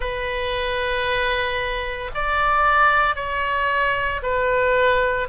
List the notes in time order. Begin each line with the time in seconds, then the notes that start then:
0.00 B4
2.14 D5
3.15 C#5
4.22 B4